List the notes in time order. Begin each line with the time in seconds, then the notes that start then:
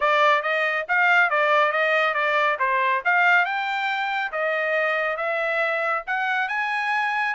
0.00 D5
0.42 D#5
0.88 F5
1.29 D5
1.72 D#5
2.13 D5
2.59 C5
3.04 F5
3.45 G5
4.32 D#5
5.16 E5
6.06 F#5
6.48 G#5